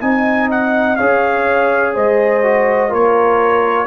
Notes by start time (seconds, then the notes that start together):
0.00 C4 D#4 D#5 G#5
0.50 F#5
0.96 C#4 G#4 C#5 F5
1.94 G#3 C5 D#5
2.43 F#4
2.89 A#3 F4 A#4 C#5